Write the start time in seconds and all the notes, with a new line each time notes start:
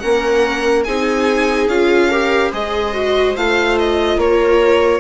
0.00 A#3 C#4 A#4 F#5
0.84 C4 D#4 G#4 G#5
1.68 C#4 F4 F5
2.10 G4 A#4
2.50 G#3 G#4 C5 D#5
2.94 F#4
3.36 A3 F4 F5
3.79 D#5
4.17 A#3 A#4 C#5